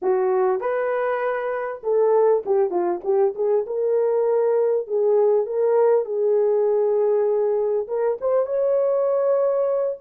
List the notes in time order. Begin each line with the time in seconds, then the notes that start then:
0.02 F#4
0.60 B4
1.83 A4
2.45 G4
2.70 F4
3.03 G4
3.35 G#4
3.66 A#4
4.87 G#4
5.46 A#4
6.05 G#4
7.87 A#4
8.20 C5
8.45 C#5